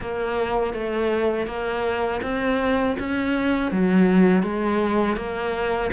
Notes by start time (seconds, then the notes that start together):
0.00 A#3
0.73 A3
1.46 A#3
2.22 C4
2.99 C#4
3.71 F#3
4.42 G#3
5.16 A#3